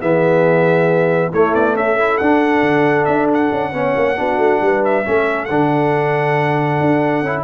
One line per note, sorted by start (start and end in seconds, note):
0.00 1.32 E3
0.00 1.32 B3
0.00 1.31 G#4
0.00 1.32 E5
1.31 1.54 A3
1.31 1.99 A3
1.31 1.74 E4
1.31 1.54 C#5
1.54 1.75 B3
1.54 1.76 D5
1.75 2.19 C#4
1.75 3.72 A4
1.75 2.18 E5
1.99 2.21 E4
2.18 2.62 D4
2.18 3.73 D4
2.18 3.05 F#5
2.62 3.06 D3
3.05 3.51 D4
3.05 3.27 E5
3.34 4.84 F#5
3.51 3.73 C#4
3.73 3.95 B3
3.73 4.16 C#4
3.73 4.18 C#5
3.96 4.18 A#3
4.16 4.38 B3
4.16 5.04 D4
4.16 4.62 F#4
4.38 4.60 A3
4.61 5.05 G3
4.61 5.07 B4
4.84 5.45 E5
5.05 5.50 A3
5.05 5.48 C#4
5.05 7.44 A4
5.45 6.81 D3
5.45 7.25 D4
5.45 7.42 F#5
6.81 7.22 D4
7.22 7.44 C#4
7.22 7.44 E4